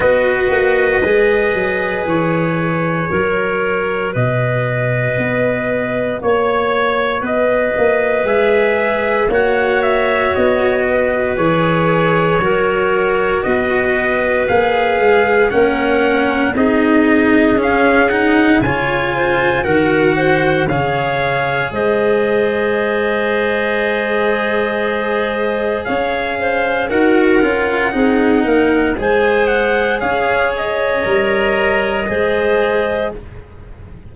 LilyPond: <<
  \new Staff \with { instrumentName = "trumpet" } { \time 4/4 \tempo 4 = 58 dis''2 cis''2 | dis''2 cis''4 dis''4 | e''4 fis''8 e''8 dis''4 cis''4~ | cis''4 dis''4 f''4 fis''4 |
dis''4 f''8 fis''8 gis''4 fis''4 | f''4 dis''2.~ | dis''4 f''4 fis''2 | gis''8 fis''8 f''8 dis''2~ dis''8 | }
  \new Staff \with { instrumentName = "clarinet" } { \time 4/4 b'2. ais'4 | b'2 cis''4 b'4~ | b'4 cis''4. b'4. | ais'4 b'2 ais'4 |
gis'2 cis''8 c''8 ais'8 c''8 | cis''4 c''2.~ | c''4 cis''8 c''8 ais'4 gis'8 ais'8 | c''4 cis''2 c''4 | }
  \new Staff \with { instrumentName = "cello" } { \time 4/4 fis'4 gis'2 fis'4~ | fis'1 | gis'4 fis'2 gis'4 | fis'2 gis'4 cis'4 |
dis'4 cis'8 dis'8 f'4 fis'4 | gis'1~ | gis'2 fis'8 f'8 dis'4 | gis'2 ais'4 gis'4 | }
  \new Staff \with { instrumentName = "tuba" } { \time 4/4 b8 ais8 gis8 fis8 e4 fis4 | b,4 b4 ais4 b8 ais8 | gis4 ais4 b4 e4 | fis4 b4 ais8 gis8 ais4 |
c'4 cis'4 cis4 dis4 | cis4 gis2.~ | gis4 cis'4 dis'8 cis'8 c'8 ais8 | gis4 cis'4 g4 gis4 | }
>>